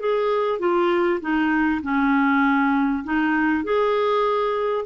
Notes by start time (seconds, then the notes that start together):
0.00 G#4
0.59 F4
1.21 D#4
1.82 C#4
3.04 D#4
3.64 G#4